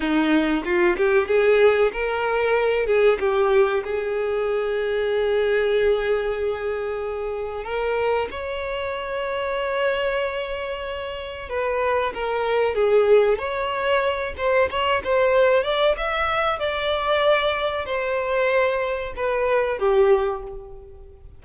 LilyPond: \new Staff \with { instrumentName = "violin" } { \time 4/4 \tempo 4 = 94 dis'4 f'8 g'8 gis'4 ais'4~ | ais'8 gis'8 g'4 gis'2~ | gis'1 | ais'4 cis''2.~ |
cis''2 b'4 ais'4 | gis'4 cis''4. c''8 cis''8 c''8~ | c''8 d''8 e''4 d''2 | c''2 b'4 g'4 | }